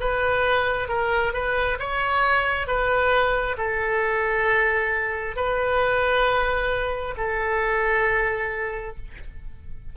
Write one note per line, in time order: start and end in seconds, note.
0.00 0.88 B4
0.88 1.33 A#4
1.33 1.78 B4
1.80 2.67 C#5
2.67 3.57 B4
3.58 5.36 A4
5.36 7.15 B4
7.18 8.97 A4